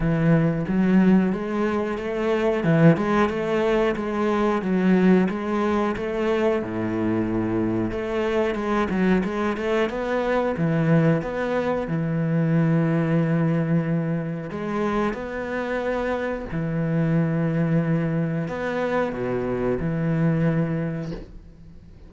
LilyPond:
\new Staff \with { instrumentName = "cello" } { \time 4/4 \tempo 4 = 91 e4 fis4 gis4 a4 | e8 gis8 a4 gis4 fis4 | gis4 a4 a,2 | a4 gis8 fis8 gis8 a8 b4 |
e4 b4 e2~ | e2 gis4 b4~ | b4 e2. | b4 b,4 e2 | }